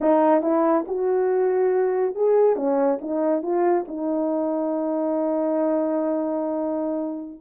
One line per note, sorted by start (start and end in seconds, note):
0.01 0.42 D#4
0.42 0.85 E4
0.87 2.15 F#4
2.15 2.56 G#4
2.56 2.99 C#4
3.01 3.42 D#4
3.42 3.85 F4
3.87 7.40 D#4